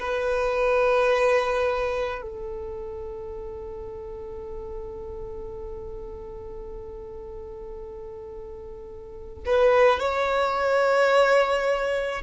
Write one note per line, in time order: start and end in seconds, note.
0.00 2.22 B4
2.22 9.44 A4
9.46 10.00 B4
10.00 12.22 C#5